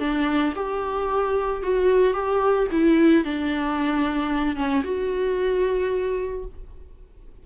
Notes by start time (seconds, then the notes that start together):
0.00 D4
0.56 G4
1.63 F#4
2.14 G4
2.72 E4
3.25 D4
4.56 C#4
4.84 F#4